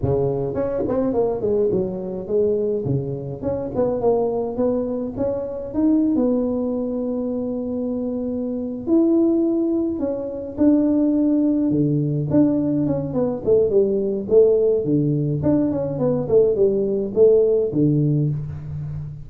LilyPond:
\new Staff \with { instrumentName = "tuba" } { \time 4/4 \tempo 4 = 105 cis4 cis'8 c'8 ais8 gis8 fis4 | gis4 cis4 cis'8 b8 ais4 | b4 cis'4 dis'8. b4~ b16~ | b2.~ b8 e'8~ |
e'4. cis'4 d'4.~ | d'8 d4 d'4 cis'8 b8 a8 | g4 a4 d4 d'8 cis'8 | b8 a8 g4 a4 d4 | }